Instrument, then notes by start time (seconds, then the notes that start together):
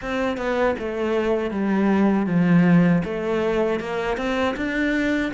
cello
0.01 C4
0.37 B3
0.78 A3
1.51 G3
2.26 F3
3.04 A3
3.80 A#3
4.17 C4
4.56 D4